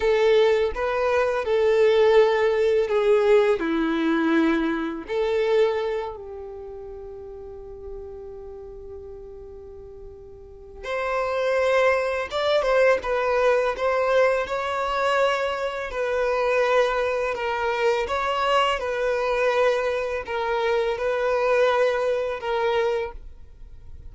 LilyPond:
\new Staff \with { instrumentName = "violin" } { \time 4/4 \tempo 4 = 83 a'4 b'4 a'2 | gis'4 e'2 a'4~ | a'8 g'2.~ g'8~ | g'2. c''4~ |
c''4 d''8 c''8 b'4 c''4 | cis''2 b'2 | ais'4 cis''4 b'2 | ais'4 b'2 ais'4 | }